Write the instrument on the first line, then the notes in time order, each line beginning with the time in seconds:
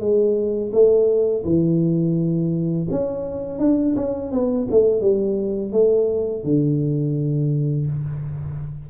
tuba
0.00 G#3
0.73 A3
1.45 E3
2.91 C#4
3.60 D4
3.96 C#4
4.32 B3
4.71 A3
5.01 G3
5.73 A3
6.44 D3